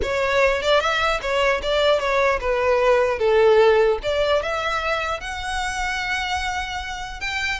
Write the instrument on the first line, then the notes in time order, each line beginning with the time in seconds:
violin
0.02 C#5
0.62 D5
0.80 E5
1.21 C#5
1.62 D5
1.99 C#5
2.40 B4
3.19 A4
4.03 D5
4.42 E5
5.20 F#5
7.20 G5